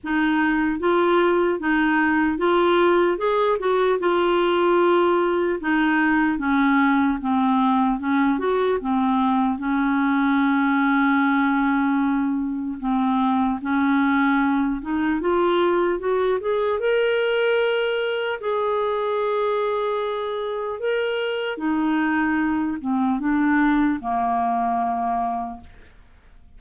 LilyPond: \new Staff \with { instrumentName = "clarinet" } { \time 4/4 \tempo 4 = 75 dis'4 f'4 dis'4 f'4 | gis'8 fis'8 f'2 dis'4 | cis'4 c'4 cis'8 fis'8 c'4 | cis'1 |
c'4 cis'4. dis'8 f'4 | fis'8 gis'8 ais'2 gis'4~ | gis'2 ais'4 dis'4~ | dis'8 c'8 d'4 ais2 | }